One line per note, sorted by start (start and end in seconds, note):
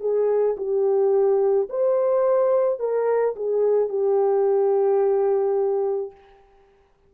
0.00 0.56 G#4
0.57 1.68 G4
1.69 2.79 C5
2.79 3.35 A#4
3.35 3.89 G#4
3.89 6.11 G4